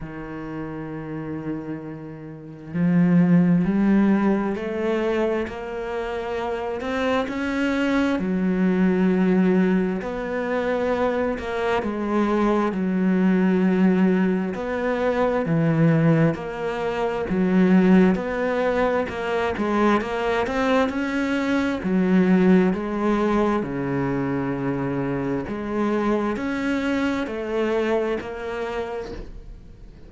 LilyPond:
\new Staff \with { instrumentName = "cello" } { \time 4/4 \tempo 4 = 66 dis2. f4 | g4 a4 ais4. c'8 | cis'4 fis2 b4~ | b8 ais8 gis4 fis2 |
b4 e4 ais4 fis4 | b4 ais8 gis8 ais8 c'8 cis'4 | fis4 gis4 cis2 | gis4 cis'4 a4 ais4 | }